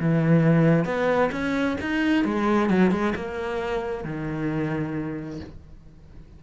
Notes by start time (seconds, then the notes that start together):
0.00 E3
0.86 B3
1.32 C#4
1.81 D#4
2.25 G#3
2.70 F#3
2.91 G#3
3.16 A#3
4.05 D#3